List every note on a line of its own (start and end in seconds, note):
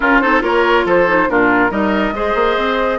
0.00 0.22 C#4
0.00 0.23 C#4
0.00 0.21 F4
0.00 0.19 A#4
0.19 0.42 C4
0.19 0.41 D#4
0.19 0.43 A4
0.19 0.41 C5
0.41 0.85 A#3
0.41 1.05 F4
0.41 0.85 A#4
0.41 0.86 C#5
0.85 1.27 F3
0.85 1.28 A4
0.85 1.29 C5
1.07 1.28 D#4
1.28 1.70 A#2
1.28 1.69 D4
1.28 1.71 F4
1.28 1.71 A#4
1.69 2.12 G3
1.69 2.12 D#4
1.69 2.14 A#4
1.69 2.98 D#5
2.12 2.33 G#3
2.12 2.98 G#4
2.12 2.98 C5
2.34 2.56 A#3
2.56 2.98 C4